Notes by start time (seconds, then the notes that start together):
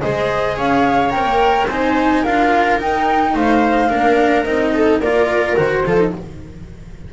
0.00 G#3 G#4 C5 D#5
0.56 C#4 C#5 F5
1.10 C4 A#4 G5
1.24 A#3
1.67 C4 D#4 C5 G#5
2.22 D4 F4 A#4 F5
2.78 D#4 G5
3.34 A3 C5 F5
3.89 A#3 D4 A#4
4.44 C4 D#4 D#5
4.74 A4
4.99 A#3 F4 A#4 D5
5.56 D#3 F#4 C5
5.84 F3 F4 A4
5.97 D#4